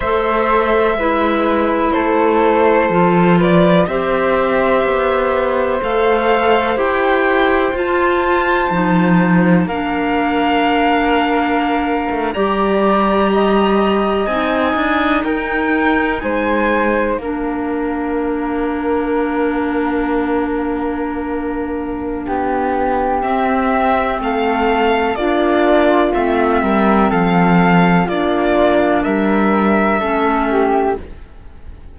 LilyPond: <<
  \new Staff \with { instrumentName = "violin" } { \time 4/4 \tempo 4 = 62 e''2 c''4. d''8 | e''2 f''4 g''4 | a''2 f''2~ | f''8. ais''2 gis''4 g''16~ |
g''8. gis''4 f''2~ f''16~ | f''1 | e''4 f''4 d''4 e''4 | f''4 d''4 e''2 | }
  \new Staff \with { instrumentName = "flute" } { \time 4/4 c''4 b'4 a'4. b'8 | c''1~ | c''2 ais'2~ | ais'8. d''4 dis''2 ais'16~ |
ais'8. c''4 ais'2~ ais'16~ | ais'2. g'4~ | g'4 a'4 f'4. ais'8 | a'4 f'4 ais'4 a'8 g'8 | }
  \new Staff \with { instrumentName = "clarinet" } { \time 4/4 a'4 e'2 f'4 | g'2 a'4 g'4 | f'4 dis'4 d'2~ | d'8. g'2 dis'4~ dis'16~ |
dis'4.~ dis'16 d'2~ d'16~ | d'1 | c'2 d'4 c'4~ | c'4 d'2 cis'4 | }
  \new Staff \with { instrumentName = "cello" } { \time 4/4 a4 gis4 a4 f4 | c'4 b4 a4 e'4 | f'4 f4 ais2~ | ais8 a16 g2 c'8 d'8 dis'16~ |
dis'8. gis4 ais2~ ais16~ | ais2. b4 | c'4 a4 ais4 a8 g8 | f4 ais4 g4 a4 | }
>>